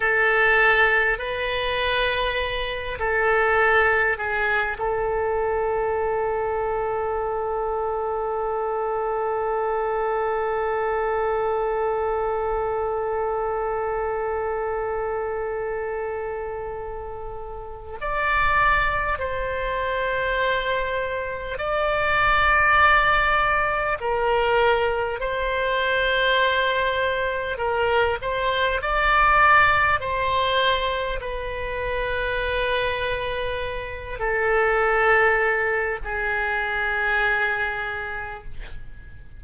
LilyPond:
\new Staff \with { instrumentName = "oboe" } { \time 4/4 \tempo 4 = 50 a'4 b'4. a'4 gis'8 | a'1~ | a'1~ | a'2. d''4 |
c''2 d''2 | ais'4 c''2 ais'8 c''8 | d''4 c''4 b'2~ | b'8 a'4. gis'2 | }